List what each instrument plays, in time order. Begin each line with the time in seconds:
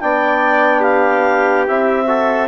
0.00 bassoon B3, trombone D4, trumpet D5, clarinet G5
0.80 trumpet G4, clarinet F5
1.67 bassoon C4, trombone E4, clarinet E5
2.07 trombone F#4, trumpet A4